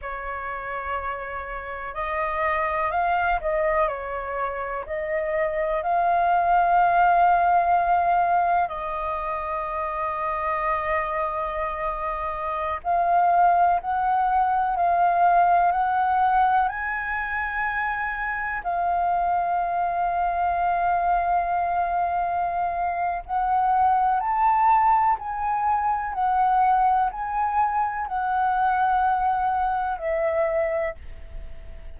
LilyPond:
\new Staff \with { instrumentName = "flute" } { \time 4/4 \tempo 4 = 62 cis''2 dis''4 f''8 dis''8 | cis''4 dis''4 f''2~ | f''4 dis''2.~ | dis''4~ dis''16 f''4 fis''4 f''8.~ |
f''16 fis''4 gis''2 f''8.~ | f''1 | fis''4 a''4 gis''4 fis''4 | gis''4 fis''2 e''4 | }